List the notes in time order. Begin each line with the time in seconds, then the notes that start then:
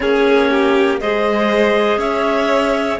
0.00 A#3 C#4 G#4 C#5
0.50 G4
1.00 G#3 G#4 C5 D#5
1.97 C#4 C#5 E5